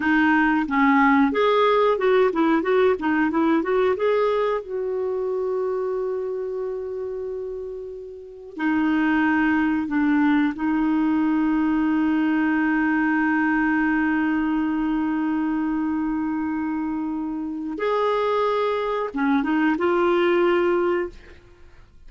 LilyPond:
\new Staff \with { instrumentName = "clarinet" } { \time 4/4 \tempo 4 = 91 dis'4 cis'4 gis'4 fis'8 e'8 | fis'8 dis'8 e'8 fis'8 gis'4 fis'4~ | fis'1~ | fis'4 dis'2 d'4 |
dis'1~ | dis'1~ | dis'2. gis'4~ | gis'4 cis'8 dis'8 f'2 | }